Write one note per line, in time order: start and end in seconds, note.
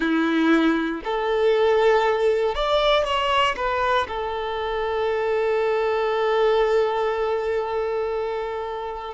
0.00 1.01 E4
1.04 2.54 A4
2.54 3.04 D5
3.04 3.55 C#5
3.56 4.07 B4
4.08 9.14 A4